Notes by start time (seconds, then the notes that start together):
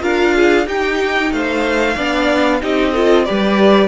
0.00 D4 F4 A#4 F5
0.35 G#4
0.66 D#4 G4 G5
1.31 A3 C5 F5
1.94 B3 D4 D5
2.60 C4 D#4 G4 D#5
2.92 F4 A4
3.25 G3 G4 B4 D5